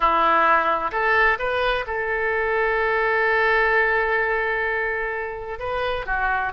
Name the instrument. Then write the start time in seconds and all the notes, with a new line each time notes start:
oboe
0.00 E4
0.91 A4
1.38 B4
1.86 A4
5.59 B4
6.06 F#4